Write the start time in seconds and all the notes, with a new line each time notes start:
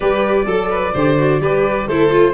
0.00 G3 G4 B4 D5
0.46 F#3 A4
0.70 B4
0.93 D3 G4 C5
1.17 F#4
1.39 G3 G4 B4
1.87 A3 E4 A4 C5
2.10 F4